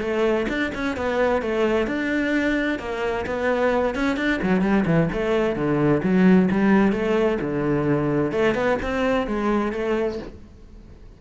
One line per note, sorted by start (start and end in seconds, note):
0.00 0.46 A3
0.48 0.71 D4
0.74 0.96 C#4
0.96 1.41 B3
1.41 1.87 A3
1.87 2.79 D4
2.79 3.25 A#3
3.26 3.95 B3
3.95 4.16 C#4
4.16 4.39 D4
4.42 4.61 F#3
4.61 4.84 G3
4.85 5.09 E3
5.12 5.55 A3
5.55 6.01 D3
6.03 6.49 F#3
6.51 6.92 G3
6.92 7.38 A3
7.41 8.31 D3
8.31 8.54 A3
8.54 8.77 B3
8.82 9.27 C4
9.27 9.72 G#3
9.72 10.18 A3